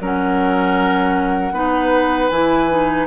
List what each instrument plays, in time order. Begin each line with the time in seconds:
0.00 bassoon F#3, clarinet C#4, oboe A#4, flute F#5
1.52 bassoon B3, clarinet D#4, oboe B4
2.29 bassoon E3, clarinet E4, flute G#5
2.70 clarinet D#4